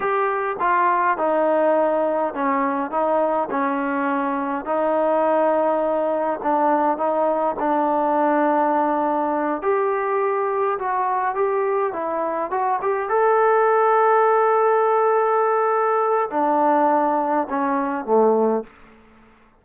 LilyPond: \new Staff \with { instrumentName = "trombone" } { \time 4/4 \tempo 4 = 103 g'4 f'4 dis'2 | cis'4 dis'4 cis'2 | dis'2. d'4 | dis'4 d'2.~ |
d'8 g'2 fis'4 g'8~ | g'8 e'4 fis'8 g'8 a'4.~ | a'1 | d'2 cis'4 a4 | }